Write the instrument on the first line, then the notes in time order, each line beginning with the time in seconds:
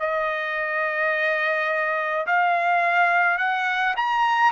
trumpet
0.00 D#5
2.27 F5
3.39 F#5
3.97 A#5